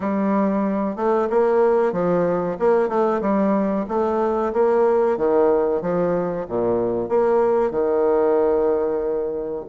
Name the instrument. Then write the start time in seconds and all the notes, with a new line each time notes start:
bassoon
0.00 G3
0.96 A3
1.30 A#3
1.92 F3
2.59 A#3
2.88 A3
3.21 G3
3.88 A3
4.53 A#3
5.17 D#3
5.81 F3
6.48 A#2
7.08 A#3
7.70 D#3